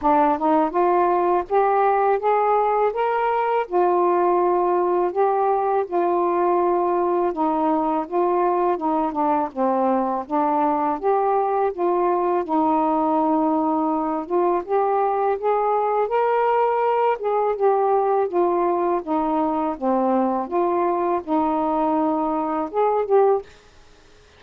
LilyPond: \new Staff \with { instrumentName = "saxophone" } { \time 4/4 \tempo 4 = 82 d'8 dis'8 f'4 g'4 gis'4 | ais'4 f'2 g'4 | f'2 dis'4 f'4 | dis'8 d'8 c'4 d'4 g'4 |
f'4 dis'2~ dis'8 f'8 | g'4 gis'4 ais'4. gis'8 | g'4 f'4 dis'4 c'4 | f'4 dis'2 gis'8 g'8 | }